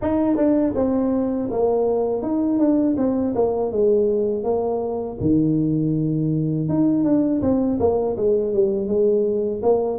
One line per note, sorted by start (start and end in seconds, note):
0.01 0.36 D#4
0.36 0.73 D4
0.75 1.49 C4
1.51 2.22 A#3
2.22 2.59 D#4
2.59 2.96 D4
2.97 3.34 C4
3.35 3.71 A#3
3.71 4.43 G#3
4.43 5.17 A#3
5.20 6.68 D#3
6.68 7.04 D#4
7.04 7.41 D4
7.41 7.78 C4
7.79 8.16 A#3
8.16 8.54 G#3
8.54 8.87 G3
8.87 9.61 G#3
9.62 9.98 A#3